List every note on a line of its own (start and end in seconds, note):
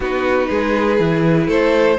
0.00 0.48 B3
0.00 0.99 D#4
0.00 0.48 F#4
0.00 1.50 B4
0.48 0.99 G#3
0.48 1.47 G#4
0.99 1.47 E3
0.99 1.98 E4
1.47 1.97 A3
1.47 1.96 A4
1.47 1.98 C5